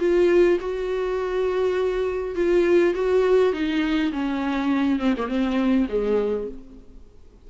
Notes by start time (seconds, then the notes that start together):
0.00 F4
0.60 F#4
2.36 F4
2.95 F#4
3.53 D#4
4.13 C#4
5.00 C4
5.18 A#3
5.29 C4
5.89 G#3